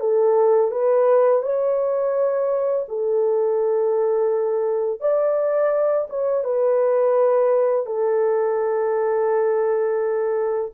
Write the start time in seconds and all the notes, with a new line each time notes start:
0.00 A4
0.71 B4
1.43 C#5
2.88 A4
5.00 D5
6.09 C#5
6.44 B4
7.86 A4